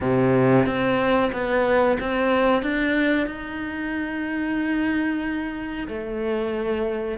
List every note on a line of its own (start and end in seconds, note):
0.01 0.66 C3
0.66 1.31 C4
1.32 1.97 B3
2.00 2.62 C4
2.62 3.26 D4
3.26 5.87 D#4
5.88 7.18 A3